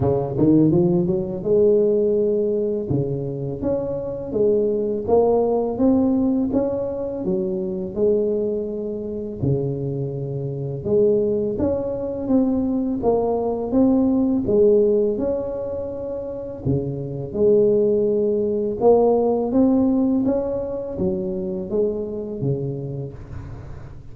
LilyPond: \new Staff \with { instrumentName = "tuba" } { \time 4/4 \tempo 4 = 83 cis8 dis8 f8 fis8 gis2 | cis4 cis'4 gis4 ais4 | c'4 cis'4 fis4 gis4~ | gis4 cis2 gis4 |
cis'4 c'4 ais4 c'4 | gis4 cis'2 cis4 | gis2 ais4 c'4 | cis'4 fis4 gis4 cis4 | }